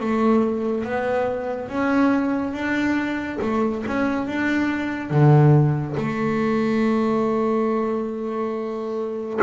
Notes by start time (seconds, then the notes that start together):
0.00 A3
0.85 B3
1.69 C#4
2.53 D4
3.41 A3
3.87 C#4
4.27 D4
5.10 D3
5.97 A3